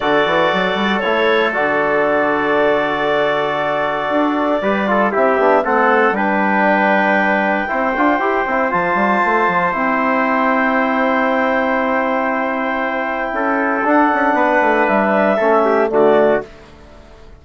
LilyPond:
<<
  \new Staff \with { instrumentName = "clarinet" } { \time 4/4 \tempo 4 = 117 d''2 cis''4 d''4~ | d''1~ | d''2 e''4 fis''4 | g''1~ |
g''4 a''2 g''4~ | g''1~ | g''2. fis''4~ | fis''4 e''2 d''4 | }
  \new Staff \with { instrumentName = "trumpet" } { \time 4/4 a'1~ | a'1~ | a'4 b'8 a'8 g'4 a'4 | b'2. c''4~ |
c''1~ | c''1~ | c''2 a'2 | b'2 a'8 g'8 fis'4 | }
  \new Staff \with { instrumentName = "trombone" } { \time 4/4 fis'2 e'4 fis'4~ | fis'1~ | fis'4 g'8 f'8 e'8 d'8 c'4 | d'2. e'8 f'8 |
g'8 e'8 f'2 e'4~ | e'1~ | e'2. d'4~ | d'2 cis'4 a4 | }
  \new Staff \with { instrumentName = "bassoon" } { \time 4/4 d8 e8 fis8 g8 a4 d4~ | d1 | d'4 g4 c'8 b8 a4 | g2. c'8 d'8 |
e'8 c'8 f8 g8 a8 f8 c'4~ | c'1~ | c'2 cis'4 d'8 cis'8 | b8 a8 g4 a4 d4 | }
>>